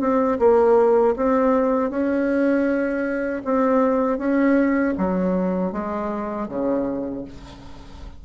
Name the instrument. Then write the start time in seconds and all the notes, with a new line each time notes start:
bassoon
0.00 C4
0.39 A#3
1.16 C4
1.90 C#4
3.45 C4
4.18 C#4
4.97 F#3
5.72 G#3
6.48 C#3